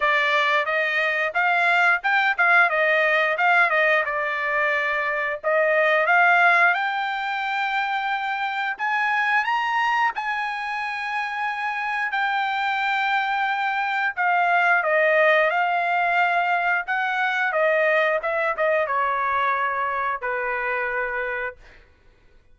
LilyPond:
\new Staff \with { instrumentName = "trumpet" } { \time 4/4 \tempo 4 = 89 d''4 dis''4 f''4 g''8 f''8 | dis''4 f''8 dis''8 d''2 | dis''4 f''4 g''2~ | g''4 gis''4 ais''4 gis''4~ |
gis''2 g''2~ | g''4 f''4 dis''4 f''4~ | f''4 fis''4 dis''4 e''8 dis''8 | cis''2 b'2 | }